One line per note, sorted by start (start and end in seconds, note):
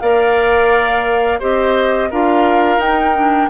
0.00 1.41 A#3
0.00 1.40 A#4
0.00 1.39 D5
0.00 1.40 F5
1.39 2.11 C4
1.39 2.10 G4
1.39 2.09 C5
1.39 2.11 D#5
2.10 2.77 D4
2.10 2.80 F4
2.10 3.49 A#4
2.10 2.80 F5
2.77 3.47 D#4
2.77 3.15 D#4
2.77 3.50 G5
3.15 3.50 D4